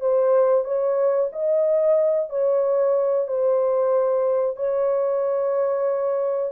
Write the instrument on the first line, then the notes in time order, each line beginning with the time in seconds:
horn
0.00 C5
0.64 C#5
1.32 D#5
2.29 C#5
3.27 C5
4.56 C#5